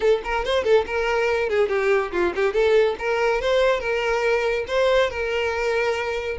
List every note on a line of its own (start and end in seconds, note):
0.00 0.21 A4
0.24 0.44 A#4
0.44 0.63 C5
0.63 0.85 A4
0.86 1.49 A#4
1.49 1.68 G#4
1.68 2.11 G4
2.11 2.33 F4
2.35 2.53 G4
2.53 2.95 A4
2.98 3.41 A#4
3.41 3.80 C5
3.80 4.65 A#4
4.67 5.09 C5
5.09 6.37 A#4